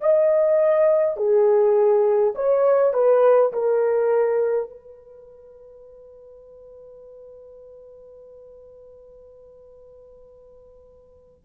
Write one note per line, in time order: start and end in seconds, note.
0.00 1.17 D#5
1.17 2.34 G#4
2.35 2.93 C#5
2.93 3.52 B4
3.52 4.70 A#4
4.70 11.45 B4